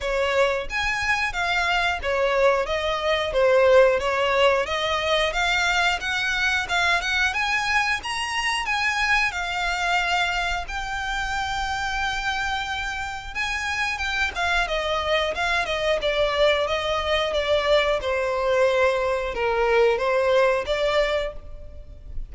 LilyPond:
\new Staff \with { instrumentName = "violin" } { \time 4/4 \tempo 4 = 90 cis''4 gis''4 f''4 cis''4 | dis''4 c''4 cis''4 dis''4 | f''4 fis''4 f''8 fis''8 gis''4 | ais''4 gis''4 f''2 |
g''1 | gis''4 g''8 f''8 dis''4 f''8 dis''8 | d''4 dis''4 d''4 c''4~ | c''4 ais'4 c''4 d''4 | }